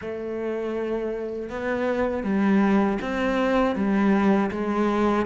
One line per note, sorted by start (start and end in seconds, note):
0.01 1.49 A3
1.49 2.23 B3
2.23 2.98 G3
3.01 3.75 C4
3.75 4.50 G3
4.51 5.26 G#3